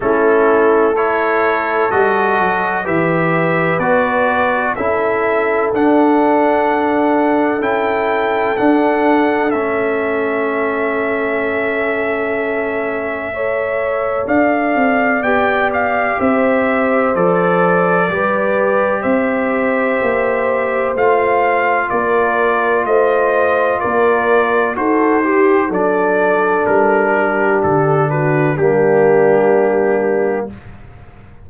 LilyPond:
<<
  \new Staff \with { instrumentName = "trumpet" } { \time 4/4 \tempo 4 = 63 a'4 cis''4 dis''4 e''4 | d''4 e''4 fis''2 | g''4 fis''4 e''2~ | e''2. f''4 |
g''8 f''8 e''4 d''2 | e''2 f''4 d''4 | dis''4 d''4 c''4 d''4 | ais'4 a'8 b'8 g'2 | }
  \new Staff \with { instrumentName = "horn" } { \time 4/4 e'4 a'2 b'4~ | b'4 a'2.~ | a'1~ | a'2 cis''4 d''4~ |
d''4 c''2 b'4 | c''2. ais'4 | c''4 ais'4 a'8 g'8 a'4~ | a'8 g'4 fis'8 d'2 | }
  \new Staff \with { instrumentName = "trombone" } { \time 4/4 cis'4 e'4 fis'4 g'4 | fis'4 e'4 d'2 | e'4 d'4 cis'2~ | cis'2 a'2 |
g'2 a'4 g'4~ | g'2 f'2~ | f'2 fis'8 g'8 d'4~ | d'2 ais2 | }
  \new Staff \with { instrumentName = "tuba" } { \time 4/4 a2 g8 fis8 e4 | b4 cis'4 d'2 | cis'4 d'4 a2~ | a2. d'8 c'8 |
b4 c'4 f4 g4 | c'4 ais4 a4 ais4 | a4 ais4 dis'4 fis4 | g4 d4 g2 | }
>>